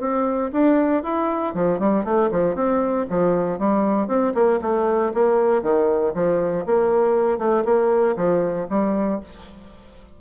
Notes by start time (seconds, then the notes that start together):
0.00 C4
0.52 D4
1.03 E4
1.54 F3
1.79 G3
2.04 A3
2.31 F3
2.55 C4
3.09 F3
3.58 G3
4.07 C4
4.34 A#3
4.62 A3
5.14 A#3
5.62 D#3
6.14 F3
6.66 A#3
7.38 A3
7.65 A#3
8.16 F3
8.69 G3